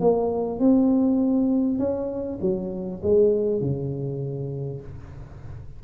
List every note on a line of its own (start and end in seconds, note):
0.00 0.59 A#3
0.59 1.78 C4
1.78 2.38 C#4
2.41 3.01 F#3
3.02 3.60 G#3
3.60 4.80 C#3